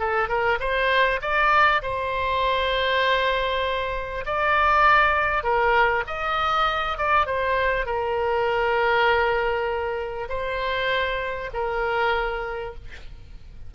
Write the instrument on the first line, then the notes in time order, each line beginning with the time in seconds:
oboe
0.00 A4
0.29 A#4
0.60 C5
1.22 D5
1.83 C5
4.26 D5
5.44 A#4
6.07 D#5
6.98 D5
7.26 C5
7.86 A#4
10.29 C5
11.54 A#4